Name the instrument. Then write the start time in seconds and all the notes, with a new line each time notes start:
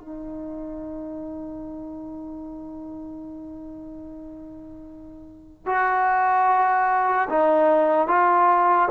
trombone
0.00 D#4
5.66 F#4
7.29 D#4
8.07 F4